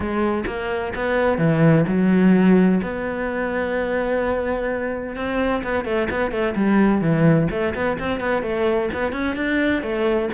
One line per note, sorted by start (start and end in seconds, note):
0.00 0.44 G#3
0.46 0.93 A#3
0.95 1.38 B3
1.38 1.85 E3
1.87 2.81 F#3
2.82 5.15 B3
5.15 5.62 C4
5.63 5.84 B3
5.84 6.08 A3
6.10 6.31 B3
6.31 6.54 A3
6.55 7.01 G3
7.01 7.48 E3
7.50 7.74 A3
7.74 7.98 B3
7.99 8.20 C4
8.20 8.42 B3
8.42 8.89 A3
8.93 9.12 B3
9.12 9.35 C#4
9.36 9.82 D4
9.82 10.29 A3